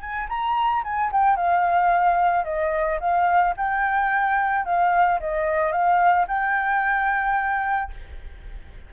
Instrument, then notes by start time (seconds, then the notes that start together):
flute
0.00 G#5
0.28 A#5
0.83 G#5
1.11 G5
1.36 F5
2.44 D#5
3.00 F5
3.57 G5
4.65 F5
5.20 D#5
5.71 F5
6.27 G5